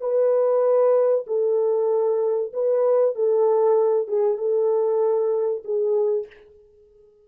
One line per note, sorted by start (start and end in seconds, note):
0.00 1.25 B4
1.27 2.52 A4
2.53 3.15 B4
3.15 4.07 A4
4.07 4.38 G#4
4.38 5.62 A4
5.64 6.26 G#4